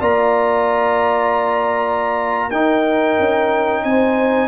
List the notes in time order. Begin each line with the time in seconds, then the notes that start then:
0.00 A#3 F4 D5 A#5
2.49 D#4 A#4 G5
3.19 C#4
3.84 C4 C5 G#5